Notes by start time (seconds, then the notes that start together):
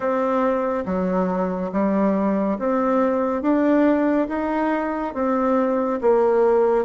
0.00 C4
0.85 F#3
1.72 G3
2.59 C4
3.41 D4
4.28 D#4
5.14 C4
6.01 A#3